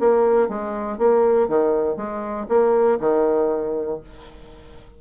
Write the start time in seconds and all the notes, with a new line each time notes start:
0.00 A#3
0.49 G#3
0.98 A#3
1.49 D#3
1.97 G#3
2.49 A#3
3.00 D#3